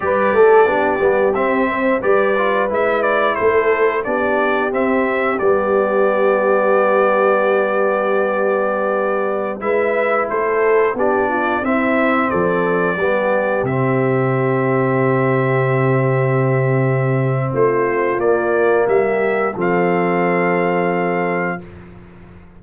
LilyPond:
<<
  \new Staff \with { instrumentName = "trumpet" } { \time 4/4 \tempo 4 = 89 d''2 e''4 d''4 | e''8 d''8 c''4 d''4 e''4 | d''1~ | d''2~ d''16 e''4 c''8.~ |
c''16 d''4 e''4 d''4.~ d''16~ | d''16 e''2.~ e''8.~ | e''2 c''4 d''4 | e''4 f''2. | }
  \new Staff \with { instrumentName = "horn" } { \time 4/4 b'8 a'8 g'4. c''8 b'4~ | b'4 a'4 g'2~ | g'1~ | g'2~ g'16 b'4 a'8.~ |
a'16 g'8 f'8 e'4 a'4 g'8.~ | g'1~ | g'2 f'2 | g'4 a'2. | }
  \new Staff \with { instrumentName = "trombone" } { \time 4/4 g'4 d'8 b8 c'4 g'8 f'8 | e'2 d'4 c'4 | b1~ | b2~ b16 e'4.~ e'16~ |
e'16 d'4 c'2 b8.~ | b16 c'2.~ c'8.~ | c'2. ais4~ | ais4 c'2. | }
  \new Staff \with { instrumentName = "tuba" } { \time 4/4 g8 a8 b8 g8 c'4 g4 | gis4 a4 b4 c'4 | g1~ | g2~ g16 gis4 a8.~ |
a16 b4 c'4 f4 g8.~ | g16 c2.~ c8.~ | c2 a4 ais4 | g4 f2. | }
>>